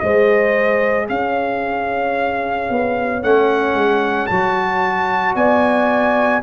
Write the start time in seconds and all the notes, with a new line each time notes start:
0.00 G#3 G#4 C5 D#5
1.08 C#4 C#5 F5
2.70 B3
3.23 A3 C#4 F#5
3.75 G#3
4.27 F#3 F#4 A5
5.36 B3 D5 G#5